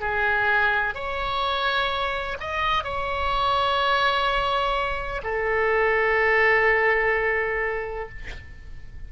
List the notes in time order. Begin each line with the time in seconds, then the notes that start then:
0.00 G#4
0.95 C#5
2.40 D#5
2.84 C#5
5.23 A4